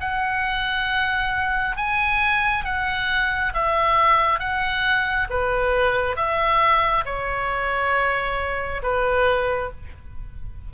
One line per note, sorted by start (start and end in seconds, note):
0.00 1.76 F#5
1.76 2.64 G#5
2.64 3.53 F#5
3.53 4.39 E5
4.39 5.27 F#5
5.29 6.16 B4
6.16 7.04 E5
7.05 8.82 C#5
8.82 9.71 B4